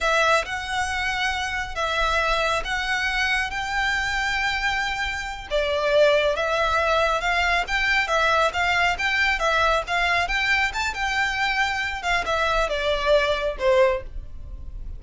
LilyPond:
\new Staff \with { instrumentName = "violin" } { \time 4/4 \tempo 4 = 137 e''4 fis''2. | e''2 fis''2 | g''1~ | g''8 d''2 e''4.~ |
e''8 f''4 g''4 e''4 f''8~ | f''8 g''4 e''4 f''4 g''8~ | g''8 a''8 g''2~ g''8 f''8 | e''4 d''2 c''4 | }